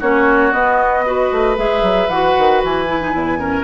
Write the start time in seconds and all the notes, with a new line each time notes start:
0.00 A#3 C#4 F#4 C#5
0.52 B3 D#5
1.05 F#4 B4
1.32 A3
1.56 G#3 G#4 E5
1.82 F#3
2.09 E3 F#4 F#5
2.38 D#3
2.63 E3 G#5
2.87 E4
3.01 D#4
3.12 E2 E4
3.38 C#4 A#4